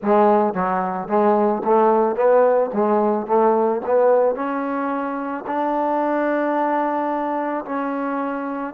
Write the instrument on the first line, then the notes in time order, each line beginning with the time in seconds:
trombone
0.02 G#3
0.53 F#3
1.08 G#3
1.64 A3
2.15 B3
2.73 G#3
3.26 A3
3.85 B3
4.35 C#4
5.46 D4
7.65 C#4